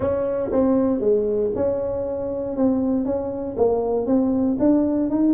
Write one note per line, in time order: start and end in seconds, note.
0.00 0.51 C#4
0.51 0.99 C4
0.99 1.50 G#3
1.55 2.56 C#4
2.56 3.05 C4
3.05 3.56 C#4
3.57 4.06 A#3
4.06 4.57 C4
4.59 5.10 D4
5.10 5.33 D#4